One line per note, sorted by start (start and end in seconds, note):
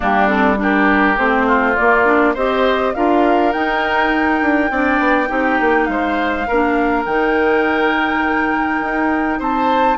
0.00 1.17 G3
0.00 0.27 A#3
0.00 0.57 D4
0.00 0.27 G4
0.27 0.56 C4
0.27 0.57 A4
0.57 1.16 D4
0.57 1.47 G4
0.57 1.17 A#4
1.17 1.76 A3
1.17 1.76 C4
1.17 1.75 C5
1.47 2.33 F4
1.75 2.04 A#3
1.75 2.35 A#3
1.75 2.34 D5
2.04 2.34 D4
2.33 2.94 C4
2.33 2.95 G4
2.33 2.92 C5
2.33 2.94 D#5
2.94 3.54 D4
2.94 3.53 F4
2.94 4.71 A#4
2.94 3.52 F5
3.52 4.71 D#4
3.52 4.41 D#4
3.52 5.84 G5
4.41 4.70 D4
4.70 4.99 C4
4.70 5.27 D4
4.70 5.28 D5
4.99 5.28 B3
5.27 5.59 C4
5.27 6.45 D#4
5.27 5.87 G4
5.60 5.87 A#3
5.84 6.46 G#3
5.84 7.02 F5
5.91 6.47 C5
6.47 7.06 A#3
6.47 7.06 D4
6.47 9.39 A#4
7.05 8.81 D#3
7.05 9.97 D#4
7.05 9.40 G5
8.81 9.39 D#4
9.39 9.97 C4
9.39 9.97 C5
9.39 9.97 A5